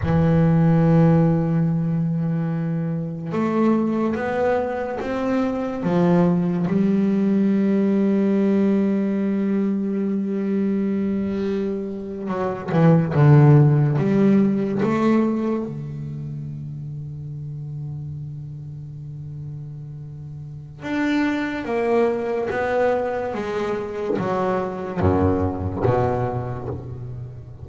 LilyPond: \new Staff \with { instrumentName = "double bass" } { \time 4/4 \tempo 4 = 72 e1 | a4 b4 c'4 f4 | g1~ | g2~ g8. fis8 e8 d16~ |
d8. g4 a4 d4~ d16~ | d1~ | d4 d'4 ais4 b4 | gis4 fis4 fis,4 b,4 | }